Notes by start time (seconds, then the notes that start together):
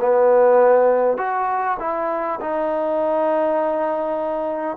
0.00 B3
1.18 F#4
1.80 E4
2.41 D#4